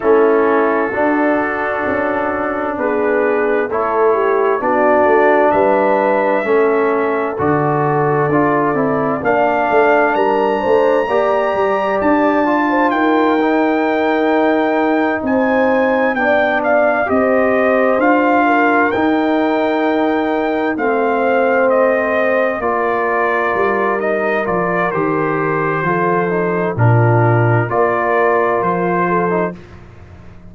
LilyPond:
<<
  \new Staff \with { instrumentName = "trumpet" } { \time 4/4 \tempo 4 = 65 a'2. b'4 | cis''4 d''4 e''2 | d''2 f''4 ais''4~ | ais''4 a''4 g''2~ |
g''8 gis''4 g''8 f''8 dis''4 f''8~ | f''8 g''2 f''4 dis''8~ | dis''8 d''4. dis''8 d''8 c''4~ | c''4 ais'4 d''4 c''4 | }
  \new Staff \with { instrumentName = "horn" } { \time 4/4 e'4 fis'2 gis'4 | a'8 g'8 fis'4 b'4 a'4~ | a'2 d''4 ais'8 c''8 | d''4.~ d''16 c''16 ais'2~ |
ais'8 c''4 d''4 c''4. | ais'2~ ais'8 c''4.~ | c''8 ais'2.~ ais'8 | a'4 f'4 ais'4. a'8 | }
  \new Staff \with { instrumentName = "trombone" } { \time 4/4 cis'4 d'2. | e'4 d'2 cis'4 | fis'4 f'8 e'8 d'2 | g'4. f'4 dis'4.~ |
dis'4. d'4 g'4 f'8~ | f'8 dis'2 c'4.~ | c'8 f'4. dis'8 f'8 g'4 | f'8 dis'8 d'4 f'4.~ f'16 dis'16 | }
  \new Staff \with { instrumentName = "tuba" } { \time 4/4 a4 d'4 cis'4 b4 | a4 b8 a8 g4 a4 | d4 d'8 c'8 ais8 a8 g8 a8 | ais8 g8 d'4 dis'2~ |
dis'8 c'4 b4 c'4 d'8~ | d'8 dis'2 a4.~ | a8 ais4 g4 f8 dis4 | f4 ais,4 ais4 f4 | }
>>